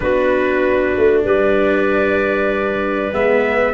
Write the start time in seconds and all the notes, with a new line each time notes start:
0.00 B3 D4 F#4 B4
0.97 A3
1.24 G3 B4 D5
3.12 G#3 B3 E5